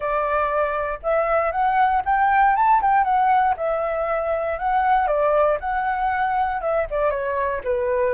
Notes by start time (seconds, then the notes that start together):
0.00 D5
1.02 E5
1.51 F#5
2.05 G5
2.55 A5
2.81 G5
3.03 F#5
3.57 E5
4.58 F#5
5.07 D5
5.59 F#5
6.61 E5
6.90 D5
7.10 C#5
7.64 B4